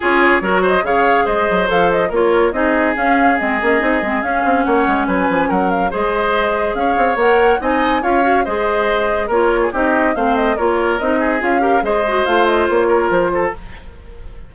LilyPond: <<
  \new Staff \with { instrumentName = "flute" } { \time 4/4 \tempo 4 = 142 cis''4. dis''8 f''4 dis''4 | f''8 dis''8 cis''4 dis''4 f''4 | dis''2 f''4 fis''4 | gis''4 fis''8 f''8 dis''2 |
f''4 fis''4 gis''4 f''4 | dis''2 cis''4 dis''4 | f''8 dis''8 cis''4 dis''4 f''4 | dis''4 f''8 dis''8 cis''4 c''4 | }
  \new Staff \with { instrumentName = "oboe" } { \time 4/4 gis'4 ais'8 c''8 cis''4 c''4~ | c''4 ais'4 gis'2~ | gis'2. cis''4 | b'4 ais'4 c''2 |
cis''2 dis''4 cis''4 | c''2 ais'8. gis'16 g'4 | c''4 ais'4. gis'4 ais'8 | c''2~ c''8 ais'4 a'8 | }
  \new Staff \with { instrumentName = "clarinet" } { \time 4/4 f'4 fis'4 gis'2 | a'4 f'4 dis'4 cis'4 | c'8 cis'8 dis'8 c'8 cis'2~ | cis'2 gis'2~ |
gis'4 ais'4 dis'4 f'8 fis'8 | gis'2 f'4 dis'4 | c'4 f'4 dis'4 f'8 g'8 | gis'8 fis'8 f'2. | }
  \new Staff \with { instrumentName = "bassoon" } { \time 4/4 cis'4 fis4 cis4 gis8 fis8 | f4 ais4 c'4 cis'4 | gis8 ais8 c'8 gis8 cis'8 c'8 ais8 gis8 | fis8 f8 fis4 gis2 |
cis'8 c'8 ais4 c'4 cis'4 | gis2 ais4 c'4 | a4 ais4 c'4 cis'4 | gis4 a4 ais4 f4 | }
>>